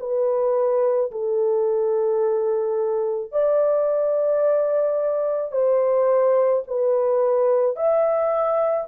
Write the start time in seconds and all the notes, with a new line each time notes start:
0.00 B4
1.12 A4
3.32 D5
5.52 C5
6.68 B4
7.76 E5